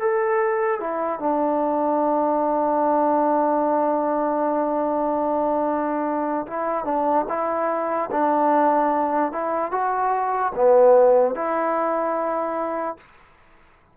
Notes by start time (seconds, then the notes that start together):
0.00 A4
0.80 E4
1.20 D4
6.48 E4
6.85 D4
7.29 E4
8.11 D4
9.32 E4
9.72 F#4
10.55 B3
11.35 E4